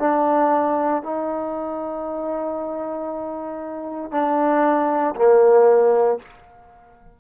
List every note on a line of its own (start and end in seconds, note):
0.00 1.03 D4
1.03 4.12 D#4
4.12 5.15 D4
5.16 6.19 A#3